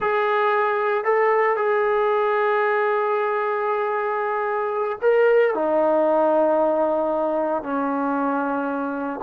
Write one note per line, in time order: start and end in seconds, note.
0.00 1.04 G#4
1.04 1.56 A4
1.56 4.98 G#4
5.01 5.54 A#4
5.54 7.62 D#4
7.62 9.20 C#4